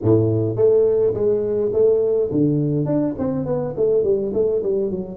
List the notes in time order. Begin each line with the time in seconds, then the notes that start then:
0.02 A2
0.56 A3
1.14 G#3
1.73 A3
2.31 D3
2.85 D4
3.18 C4
3.45 B3
3.76 A3
4.03 G3
4.33 A3
4.62 G3
4.90 F#3